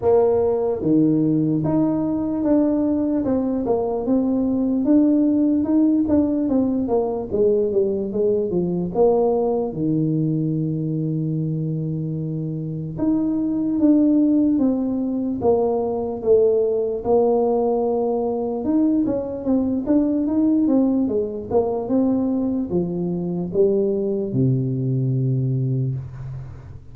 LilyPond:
\new Staff \with { instrumentName = "tuba" } { \time 4/4 \tempo 4 = 74 ais4 dis4 dis'4 d'4 | c'8 ais8 c'4 d'4 dis'8 d'8 | c'8 ais8 gis8 g8 gis8 f8 ais4 | dis1 |
dis'4 d'4 c'4 ais4 | a4 ais2 dis'8 cis'8 | c'8 d'8 dis'8 c'8 gis8 ais8 c'4 | f4 g4 c2 | }